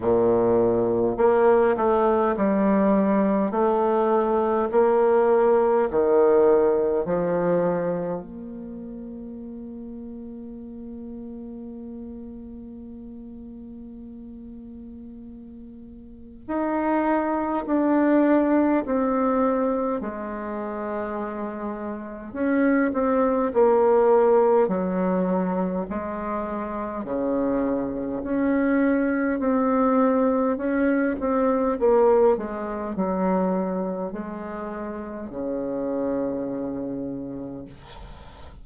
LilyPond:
\new Staff \with { instrumentName = "bassoon" } { \time 4/4 \tempo 4 = 51 ais,4 ais8 a8 g4 a4 | ais4 dis4 f4 ais4~ | ais1~ | ais2 dis'4 d'4 |
c'4 gis2 cis'8 c'8 | ais4 fis4 gis4 cis4 | cis'4 c'4 cis'8 c'8 ais8 gis8 | fis4 gis4 cis2 | }